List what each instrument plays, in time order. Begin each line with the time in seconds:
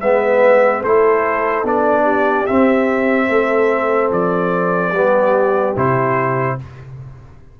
0.00 tuba G#3, trombone B3, horn B4, trumpet E5
0.80 tuba A3, trombone E4, horn A4, trumpet C5
1.63 tuba B3, trombone D4, trumpet D5
2.03 horn G4
2.46 trombone C4, tuba C4, trumpet E5
3.28 tuba A3, horn A4
4.11 tuba F3, trumpet D5
4.92 tuba G3, trombone B3, horn G4
5.76 tuba C3, trombone E4, trumpet C5